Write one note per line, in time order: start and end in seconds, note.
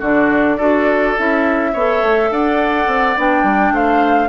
0.00 0.58 D3
0.00 0.60 D4
0.00 0.57 F#4
0.00 1.18 D5
0.57 1.16 D4
0.57 1.17 F#4
0.57 1.72 A4
1.17 1.74 C#4
1.17 1.74 E4
1.17 2.32 E5
1.73 2.02 B3
1.73 3.17 A4
1.73 2.30 C#5
2.02 2.31 A3
2.31 2.87 D4
2.31 3.74 D5
2.31 3.18 F#5
2.87 3.16 C4
3.17 3.43 B3
3.17 4.29 D4
3.17 3.76 G5
3.43 3.71 G3
3.71 4.28 A3
3.71 4.29 C5
3.71 4.29 F5